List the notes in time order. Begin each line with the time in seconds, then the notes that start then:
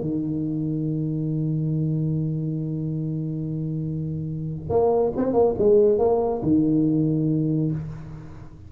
0.00 D#3
4.69 A#3
5.16 C4
5.33 A#3
5.58 G#3
5.98 A#3
6.42 D#3